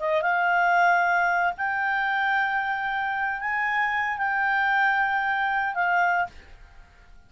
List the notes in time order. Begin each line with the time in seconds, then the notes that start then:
0.00 D#5
0.22 F5
1.58 G5
3.41 G#5
4.18 G5
5.75 F5